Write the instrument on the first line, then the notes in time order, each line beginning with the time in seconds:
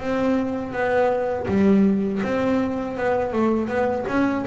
double bass
0.00 C4
0.72 B3
1.48 G3
2.23 C4
2.97 B3
3.33 A3
3.68 B3
4.08 C#4